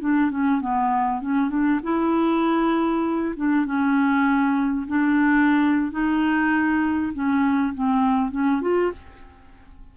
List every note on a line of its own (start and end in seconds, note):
0.00 0.30 D4
0.31 0.61 C#4
0.61 1.21 B3
1.21 1.49 C#4
1.49 1.80 D4
1.83 3.34 E4
3.36 3.65 D4
3.65 4.86 C#4
4.87 5.91 D4
5.91 7.12 D#4
7.13 7.74 C#4
7.74 8.31 C4
8.31 8.61 C#4
8.61 8.91 F4